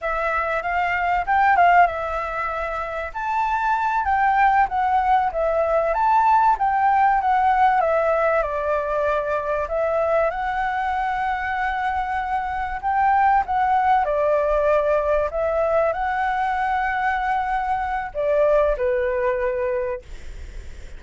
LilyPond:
\new Staff \with { instrumentName = "flute" } { \time 4/4 \tempo 4 = 96 e''4 f''4 g''8 f''8 e''4~ | e''4 a''4. g''4 fis''8~ | fis''8 e''4 a''4 g''4 fis''8~ | fis''8 e''4 d''2 e''8~ |
e''8 fis''2.~ fis''8~ | fis''8 g''4 fis''4 d''4.~ | d''8 e''4 fis''2~ fis''8~ | fis''4 d''4 b'2 | }